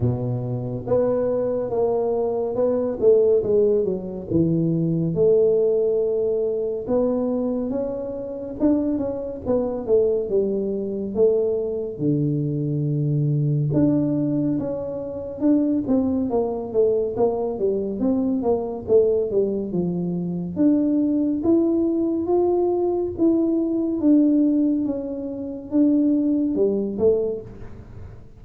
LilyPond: \new Staff \with { instrumentName = "tuba" } { \time 4/4 \tempo 4 = 70 b,4 b4 ais4 b8 a8 | gis8 fis8 e4 a2 | b4 cis'4 d'8 cis'8 b8 a8 | g4 a4 d2 |
d'4 cis'4 d'8 c'8 ais8 a8 | ais8 g8 c'8 ais8 a8 g8 f4 | d'4 e'4 f'4 e'4 | d'4 cis'4 d'4 g8 a8 | }